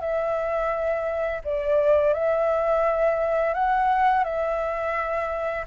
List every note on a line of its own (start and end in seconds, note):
0.00 1.41 E5
1.44 2.13 D5
2.13 3.54 E5
3.54 4.24 F#5
4.24 5.65 E5